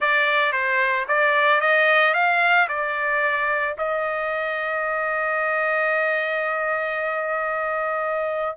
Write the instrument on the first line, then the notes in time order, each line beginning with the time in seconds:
trumpet
0.00 D5
0.52 C5
1.08 D5
1.60 D#5
2.14 F5
2.68 D5
3.78 D#5